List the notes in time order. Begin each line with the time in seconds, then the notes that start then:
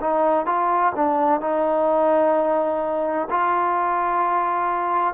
0.00 D#4
0.46 F4
0.95 D4
1.40 D#4
3.30 F4